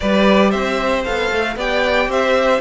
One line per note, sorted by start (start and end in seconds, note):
0.00 0.54 G3
0.00 1.05 G4
0.00 0.50 B4
0.00 0.50 D5
0.50 1.06 C4
0.50 1.54 C5
0.50 1.02 E5
1.04 1.31 B3
1.04 1.57 A4
1.04 1.56 F5
1.31 1.56 A3
1.56 2.07 B3
1.56 2.60 G4
1.56 2.09 D5
1.56 2.11 G5
2.07 2.59 C4
2.07 2.60 C5
2.07 2.60 E5